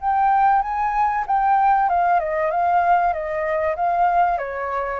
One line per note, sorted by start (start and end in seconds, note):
0.00 0.62 G5
0.62 1.24 G#5
1.26 1.89 G5
1.89 2.19 F5
2.19 2.50 D#5
2.50 3.13 F5
3.13 3.75 D#5
3.76 4.38 F5
4.38 5.00 C#5